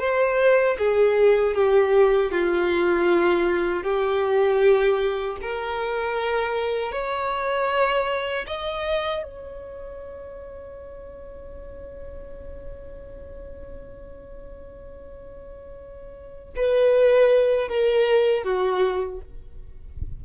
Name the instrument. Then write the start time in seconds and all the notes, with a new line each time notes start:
violin
0.00 C5
0.78 G#4
1.55 G4
2.32 F4
3.84 G4
5.42 A#4
6.92 C#5
8.47 D#5
9.23 C#5
16.56 B4
17.69 A#4
18.44 F#4